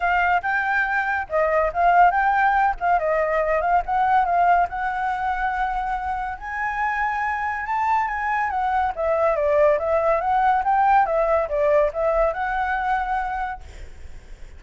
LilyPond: \new Staff \with { instrumentName = "flute" } { \time 4/4 \tempo 4 = 141 f''4 g''2 dis''4 | f''4 g''4. f''8 dis''4~ | dis''8 f''8 fis''4 f''4 fis''4~ | fis''2. gis''4~ |
gis''2 a''4 gis''4 | fis''4 e''4 d''4 e''4 | fis''4 g''4 e''4 d''4 | e''4 fis''2. | }